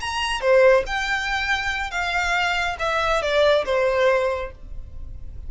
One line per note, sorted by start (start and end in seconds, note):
0.00 0.40 A#5
0.40 0.83 C5
0.86 1.90 G5
1.90 2.76 F5
2.79 3.21 E5
3.21 3.64 D5
3.65 4.51 C5